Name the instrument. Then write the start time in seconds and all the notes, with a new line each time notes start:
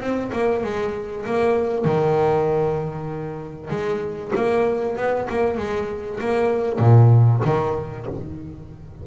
double bass
0.00 C4
0.32 A#3
0.63 G#3
1.25 A#3
1.84 D#3
3.70 G#3
4.35 A#3
4.97 B3
5.29 A#3
5.57 G#3
6.20 A#3
6.79 A#2
7.45 D#3